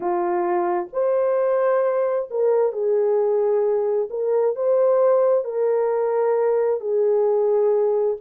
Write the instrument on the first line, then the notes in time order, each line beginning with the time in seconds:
horn
0.00 F4
0.92 C5
2.30 A#4
2.72 G#4
4.10 A#4
4.55 C5
5.44 A#4
6.80 G#4